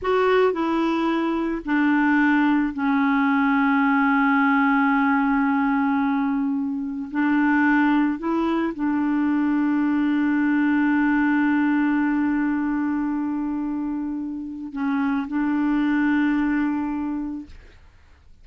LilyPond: \new Staff \with { instrumentName = "clarinet" } { \time 4/4 \tempo 4 = 110 fis'4 e'2 d'4~ | d'4 cis'2.~ | cis'1~ | cis'4 d'2 e'4 |
d'1~ | d'1~ | d'2. cis'4 | d'1 | }